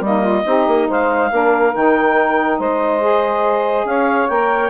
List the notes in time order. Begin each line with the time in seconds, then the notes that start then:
0.00 G3 A#3 D#4 D#5
0.21 F4
0.45 C4 D#4 G4
0.67 A#3
0.88 G#3 C5 F5
1.30 A#3 D4 A#4
1.73 D#3 D#4 G5
2.58 G#3 C5 D#5
3.01 G#4
3.84 C#4 C#5 F5
4.28 A#3 A#4 G5